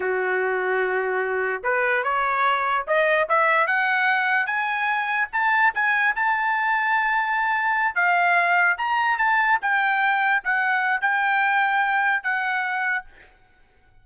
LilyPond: \new Staff \with { instrumentName = "trumpet" } { \time 4/4 \tempo 4 = 147 fis'1 | b'4 cis''2 dis''4 | e''4 fis''2 gis''4~ | gis''4 a''4 gis''4 a''4~ |
a''2.~ a''8 f''8~ | f''4. ais''4 a''4 g''8~ | g''4. fis''4. g''4~ | g''2 fis''2 | }